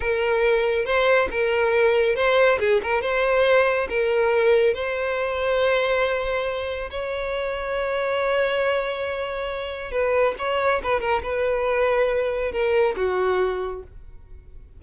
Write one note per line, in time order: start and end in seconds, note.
0.00 0.85 A#4
0.85 1.28 C5
1.31 2.15 A#4
2.15 2.58 C5
2.59 2.81 G#4
2.82 3.01 A#4
3.01 3.87 C5
3.89 4.74 A#4
4.74 6.89 C5
6.90 9.91 C#5
9.91 10.34 B4
10.38 10.81 C#5
10.83 11.00 B4
11.00 11.22 A#4
11.22 12.52 B4
12.52 12.95 A#4
12.96 13.82 F#4